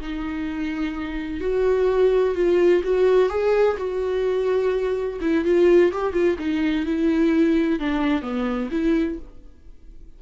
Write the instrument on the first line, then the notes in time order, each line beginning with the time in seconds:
viola
0.00 D#4
1.40 F#4
2.35 F4
2.84 F#4
3.29 G#4
3.77 F#4
5.21 E4
5.44 F4
5.92 G4
6.13 F4
6.38 D#4
6.86 E4
7.79 D4
8.22 B3
8.71 E4